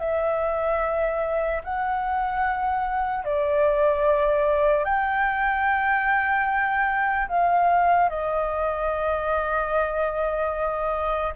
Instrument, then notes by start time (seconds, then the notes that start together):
flute
0.00 E5
1.64 F#5
3.25 D5
4.85 G5
7.29 F5
8.10 D#5